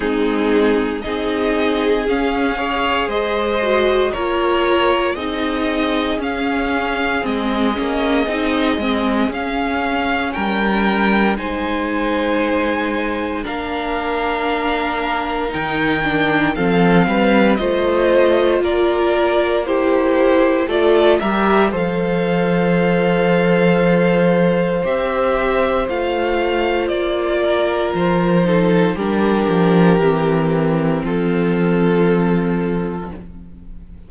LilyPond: <<
  \new Staff \with { instrumentName = "violin" } { \time 4/4 \tempo 4 = 58 gis'4 dis''4 f''4 dis''4 | cis''4 dis''4 f''4 dis''4~ | dis''4 f''4 g''4 gis''4~ | gis''4 f''2 g''4 |
f''4 dis''4 d''4 c''4 | d''8 e''8 f''2. | e''4 f''4 d''4 c''4 | ais'2 a'2 | }
  \new Staff \with { instrumentName = "violin" } { \time 4/4 dis'4 gis'4. cis''8 c''4 | ais'4 gis'2.~ | gis'2 ais'4 c''4~ | c''4 ais'2. |
a'8 b'8 c''4 ais'4 g'4 | a'8 ais'8 c''2.~ | c''2~ c''8 ais'4 a'8 | g'2 f'2 | }
  \new Staff \with { instrumentName = "viola" } { \time 4/4 c'4 dis'4 cis'8 gis'4 fis'8 | f'4 dis'4 cis'4 c'8 cis'8 | dis'8 c'8 cis'2 dis'4~ | dis'4 d'2 dis'8 d'8 |
c'4 f'2 e'4 | f'8 g'8 a'2. | g'4 f'2~ f'8 dis'8 | d'4 c'2. | }
  \new Staff \with { instrumentName = "cello" } { \time 4/4 gis4 c'4 cis'4 gis4 | ais4 c'4 cis'4 gis8 ais8 | c'8 gis8 cis'4 g4 gis4~ | gis4 ais2 dis4 |
f8 g8 a4 ais2 | a8 g8 f2. | c'4 a4 ais4 f4 | g8 f8 e4 f2 | }
>>